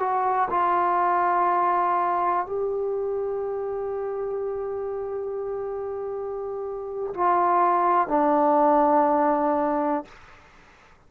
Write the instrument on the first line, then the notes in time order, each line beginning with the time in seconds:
trombone
0.00 F#4
0.51 F4
2.46 G4
7.14 F4
8.08 D4